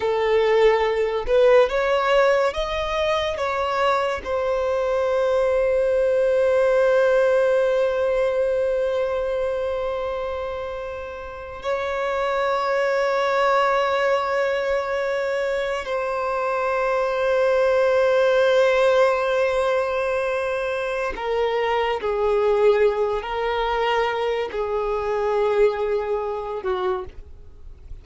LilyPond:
\new Staff \with { instrumentName = "violin" } { \time 4/4 \tempo 4 = 71 a'4. b'8 cis''4 dis''4 | cis''4 c''2.~ | c''1~ | c''4.~ c''16 cis''2~ cis''16~ |
cis''2~ cis''8. c''4~ c''16~ | c''1~ | c''4 ais'4 gis'4. ais'8~ | ais'4 gis'2~ gis'8 fis'8 | }